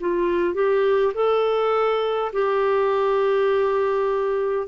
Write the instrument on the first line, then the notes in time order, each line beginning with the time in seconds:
clarinet
0.00 F4
0.53 G4
1.14 A4
2.33 G4